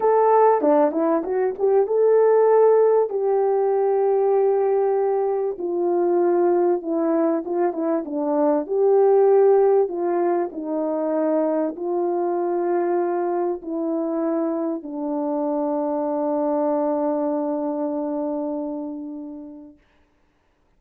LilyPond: \new Staff \with { instrumentName = "horn" } { \time 4/4 \tempo 4 = 97 a'4 d'8 e'8 fis'8 g'8 a'4~ | a'4 g'2.~ | g'4 f'2 e'4 | f'8 e'8 d'4 g'2 |
f'4 dis'2 f'4~ | f'2 e'2 | d'1~ | d'1 | }